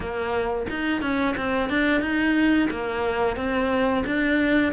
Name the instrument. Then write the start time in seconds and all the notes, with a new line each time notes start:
cello
0.00 A#3
0.70 D#4
1.01 C#4
1.36 C4
1.69 D4
2.01 D#4
2.70 A#3
3.36 C4
4.06 D4